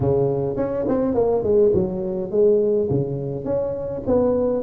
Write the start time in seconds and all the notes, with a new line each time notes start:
0.00 C#3
0.56 C#4
0.88 C4
1.14 A#3
1.43 G#3
1.73 F#3
2.30 G#3
2.90 C#3
3.44 C#4
4.06 B3